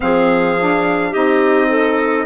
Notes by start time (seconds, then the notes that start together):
0.00 F3 C4 G#4 F5
0.60 D4
1.10 C4 D#4 G4 D#5
1.68 A4